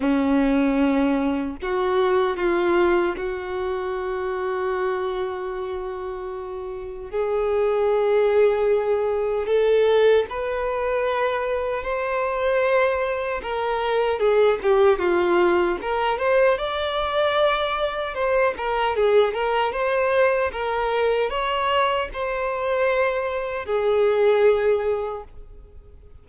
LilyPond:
\new Staff \with { instrumentName = "violin" } { \time 4/4 \tempo 4 = 76 cis'2 fis'4 f'4 | fis'1~ | fis'4 gis'2. | a'4 b'2 c''4~ |
c''4 ais'4 gis'8 g'8 f'4 | ais'8 c''8 d''2 c''8 ais'8 | gis'8 ais'8 c''4 ais'4 cis''4 | c''2 gis'2 | }